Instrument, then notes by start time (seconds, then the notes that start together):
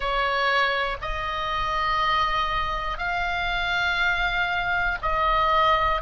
oboe
0.00 C#5
1.01 D#5
2.97 F5
5.01 D#5